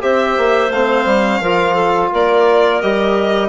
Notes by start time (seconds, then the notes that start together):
0.00 C4 G4 C5 E5
0.38 A#3
0.70 A3 C4 F5
1.06 G3
1.41 F3 F4 A#4
1.74 A4
2.12 A#3 A#4 D5
2.82 G3 G4 D#5